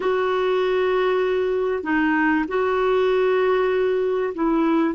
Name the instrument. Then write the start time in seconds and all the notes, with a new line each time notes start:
clarinet
0.00 F#4
1.83 D#4
2.47 F#4
4.34 E4